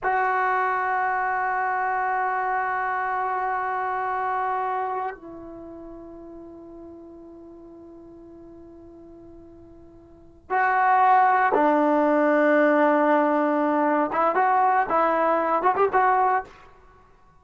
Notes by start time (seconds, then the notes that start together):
0.03 F#4
5.15 E4
10.50 F#4
11.54 D4
14.12 E4
14.35 F#4
14.89 E4
15.62 F#4
15.76 G4
15.93 F#4